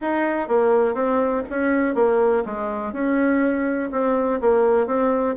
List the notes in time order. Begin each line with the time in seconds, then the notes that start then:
0.01 D#4
0.48 A#3
0.94 C4
1.50 C#4
1.94 A#3
2.45 G#3
2.92 C#4
3.91 C4
4.41 A#3
4.86 C4